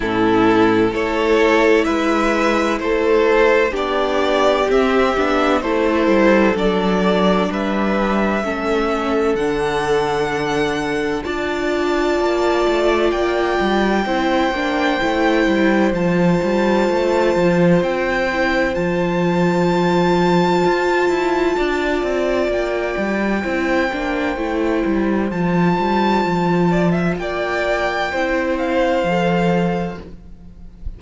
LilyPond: <<
  \new Staff \with { instrumentName = "violin" } { \time 4/4 \tempo 4 = 64 a'4 cis''4 e''4 c''4 | d''4 e''4 c''4 d''4 | e''2 fis''2 | a''2 g''2~ |
g''4 a''2 g''4 | a''1 | g''2. a''4~ | a''4 g''4. f''4. | }
  \new Staff \with { instrumentName = "violin" } { \time 4/4 e'4 a'4 b'4 a'4 | g'2 a'2 | b'4 a'2. | d''2. c''4~ |
c''1~ | c''2. d''4~ | d''4 c''2.~ | c''8 d''16 e''16 d''4 c''2 | }
  \new Staff \with { instrumentName = "viola" } { \time 4/4 cis'4 e'2. | d'4 c'8 d'8 e'4 d'4~ | d'4 cis'4 d'2 | f'2. e'8 d'8 |
e'4 f'2~ f'8 e'8 | f'1~ | f'4 e'8 d'8 e'4 f'4~ | f'2 e'4 a'4 | }
  \new Staff \with { instrumentName = "cello" } { \time 4/4 a,4 a4 gis4 a4 | b4 c'8 b8 a8 g8 fis4 | g4 a4 d2 | d'4 ais8 a8 ais8 g8 c'8 ais8 |
a8 g8 f8 g8 a8 f8 c'4 | f2 f'8 e'8 d'8 c'8 | ais8 g8 c'8 ais8 a8 g8 f8 g8 | f4 ais4 c'4 f4 | }
>>